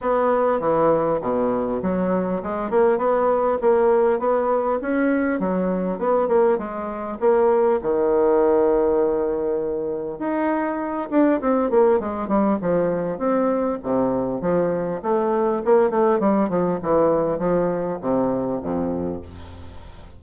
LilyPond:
\new Staff \with { instrumentName = "bassoon" } { \time 4/4 \tempo 4 = 100 b4 e4 b,4 fis4 | gis8 ais8 b4 ais4 b4 | cis'4 fis4 b8 ais8 gis4 | ais4 dis2.~ |
dis4 dis'4. d'8 c'8 ais8 | gis8 g8 f4 c'4 c4 | f4 a4 ais8 a8 g8 f8 | e4 f4 c4 f,4 | }